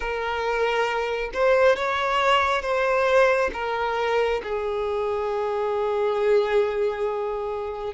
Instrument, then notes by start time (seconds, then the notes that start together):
violin
0.00 A#4
1.33 C5
1.76 C#5
2.62 C5
3.53 A#4
4.43 G#4